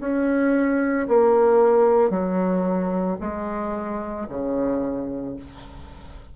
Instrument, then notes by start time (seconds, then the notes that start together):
bassoon
0.00 C#4
1.08 A#3
2.10 F#3
3.20 G#3
4.29 C#3